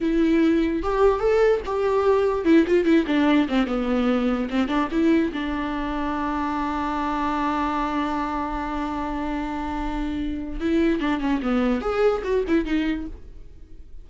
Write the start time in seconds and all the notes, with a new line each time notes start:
0.01 E4
0.82 G4
1.19 A4
1.65 G4
2.45 E4
2.66 F4
2.85 E4
3.06 D4
3.48 C4
3.66 B3
4.49 C4
4.68 D4
4.91 E4
5.32 D4
10.60 E4
10.99 D4
11.20 C#4
11.42 B3
11.81 G#4
12.24 F#4
12.47 E4
12.65 D#4